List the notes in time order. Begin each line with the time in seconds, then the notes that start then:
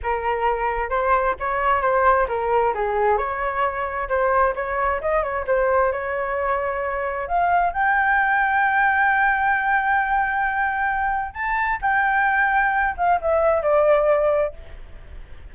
0.02 A#4
0.89 C5
1.39 C#5
1.81 C5
2.28 A#4
2.74 G#4
3.17 C#5
4.08 C5
4.55 C#5
5.01 D#5
5.22 C#5
5.46 C5
5.92 C#5
7.27 F5
7.73 G5
11.33 A5
11.81 G5
12.97 F5
13.21 E5
13.62 D5